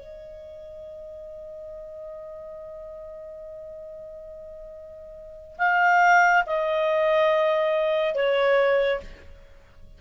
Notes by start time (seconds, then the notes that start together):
0.00 D#5
5.59 F5
6.47 D#5
8.15 C#5